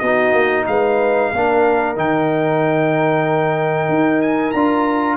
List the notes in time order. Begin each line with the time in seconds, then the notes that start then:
0.00 B3 D#4 F#4 D#5
0.33 A#3
0.67 G#3 B4 F5
1.32 A#3 D4 A#4
1.96 D#3 D#4 G5
3.89 D#4
4.22 G#5
4.52 D4 F4 A#5